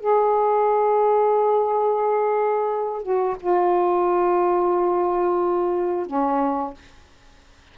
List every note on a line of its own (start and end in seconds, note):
0.00 3.03 G#4
3.03 3.36 F#4
3.40 6.06 F4
6.06 6.74 C#4